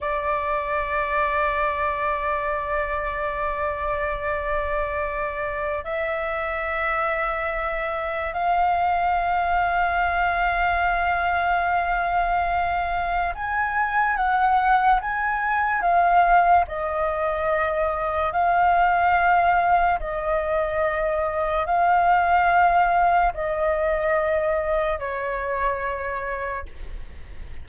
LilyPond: \new Staff \with { instrumentName = "flute" } { \time 4/4 \tempo 4 = 72 d''1~ | d''2. e''4~ | e''2 f''2~ | f''1 |
gis''4 fis''4 gis''4 f''4 | dis''2 f''2 | dis''2 f''2 | dis''2 cis''2 | }